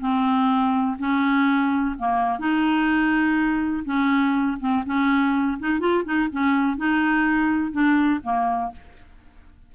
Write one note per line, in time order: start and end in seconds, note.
0.00 0.97 C4
0.99 1.96 C#4
1.98 2.39 A#3
2.39 3.84 D#4
3.85 4.57 C#4
4.59 4.84 C4
4.86 5.58 C#4
5.60 5.80 D#4
5.80 6.04 F4
6.04 6.29 D#4
6.31 6.77 C#4
6.77 7.72 D#4
7.72 8.20 D4
8.23 8.72 A#3